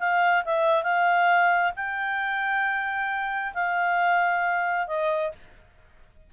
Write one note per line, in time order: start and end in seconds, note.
0.00 0.44 F5
0.45 0.84 E5
0.84 1.73 F5
1.77 3.54 G5
3.55 4.88 F5
4.88 5.32 D#5